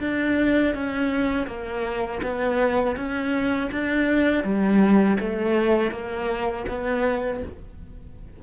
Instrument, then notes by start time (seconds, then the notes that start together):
cello
0.00 D4
0.74 C#4
1.46 A#3
2.22 B3
2.96 C#4
3.71 D4
4.43 G3
5.20 A3
5.91 A#3
6.69 B3